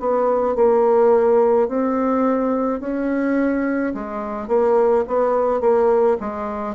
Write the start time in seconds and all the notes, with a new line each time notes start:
0.00 B3
0.56 A#3
1.68 C4
2.80 C#4
3.94 G#3
4.48 A#3
5.07 B3
5.60 A#3
6.20 G#3